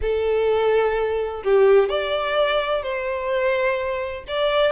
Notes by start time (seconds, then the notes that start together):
0.01 A4
1.43 G4
1.89 D5
2.82 C5
4.27 D5